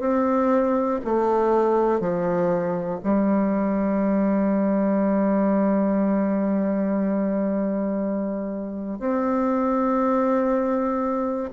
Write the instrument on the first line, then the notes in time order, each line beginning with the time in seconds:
bassoon
0.00 C4
1.05 A3
2.00 F3
3.03 G3
9.00 C4